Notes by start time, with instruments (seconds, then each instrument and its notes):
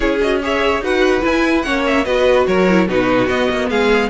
0.00 cello C#4, viola E4, violin G#4 C#5
0.21 viola F#4, violin D#5
0.42 viola G#4, violin C#5 E5
0.80 cello D#4, viola F#4, violin B4 F#5
1.21 viola E4, cello E4, violin G#5
1.62 cello A#3, viola C#4, violin C#5 F#5
1.86 violin E5
2.04 cello B3, viola F#4, violin B4 D#5
2.46 cello F#3, violin A#4 C#5
2.69 viola E4
2.87 cello B2, viola D#4, violin F#4 B4
3.27 cello B3, viola B3, violin D#5
3.50 cello A#3
3.69 cello G#3, violin G#4 F5